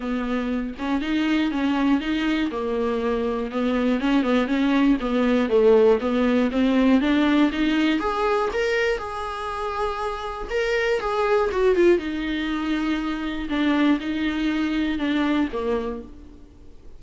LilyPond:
\new Staff \with { instrumentName = "viola" } { \time 4/4 \tempo 4 = 120 b4. cis'8 dis'4 cis'4 | dis'4 ais2 b4 | cis'8 b8 cis'4 b4 a4 | b4 c'4 d'4 dis'4 |
gis'4 ais'4 gis'2~ | gis'4 ais'4 gis'4 fis'8 f'8 | dis'2. d'4 | dis'2 d'4 ais4 | }